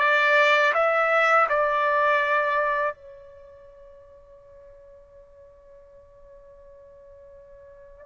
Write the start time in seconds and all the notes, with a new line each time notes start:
0.00 D5
0.74 E5
1.50 D5
2.95 C#5